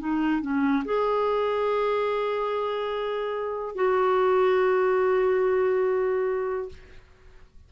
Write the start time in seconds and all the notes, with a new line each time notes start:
0.00 D#4
0.42 C#4
0.85 G#4
3.76 F#4